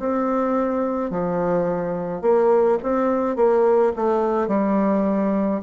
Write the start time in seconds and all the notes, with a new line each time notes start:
0.00 C4
1.11 F3
2.22 A#3
2.83 C4
3.36 A#3
3.96 A3
4.48 G3